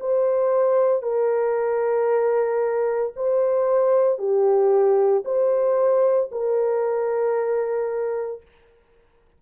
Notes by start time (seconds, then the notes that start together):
0.00 C5
1.02 A#4
3.16 C5
4.18 G4
5.25 C5
6.32 A#4